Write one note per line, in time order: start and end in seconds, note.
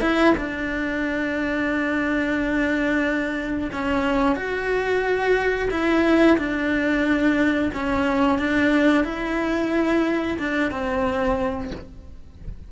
0.00 0.33 E4
0.37 3.70 D4
3.72 4.35 C#4
4.35 5.68 F#4
5.70 6.37 E4
6.37 7.71 D4
7.73 8.38 C#4
8.38 9.04 D4
9.04 10.37 E4
10.38 10.71 D4
10.71 11.71 C4